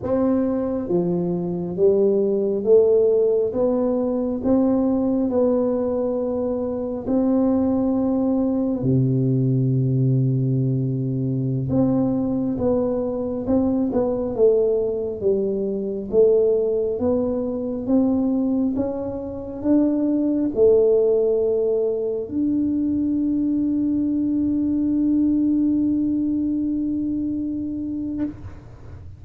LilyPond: \new Staff \with { instrumentName = "tuba" } { \time 4/4 \tempo 4 = 68 c'4 f4 g4 a4 | b4 c'4 b2 | c'2 c2~ | c4~ c16 c'4 b4 c'8 b16~ |
b16 a4 g4 a4 b8.~ | b16 c'4 cis'4 d'4 a8.~ | a4~ a16 d'2~ d'8.~ | d'1 | }